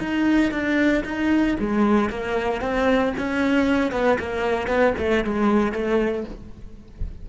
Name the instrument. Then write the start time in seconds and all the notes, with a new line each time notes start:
cello
0.00 D#4
0.52 D4
1.05 D#4
1.60 G#3
2.10 A#3
2.62 C4
3.18 C#4
3.92 B3
4.20 A#3
4.68 B3
4.99 A3
5.25 G#3
5.73 A3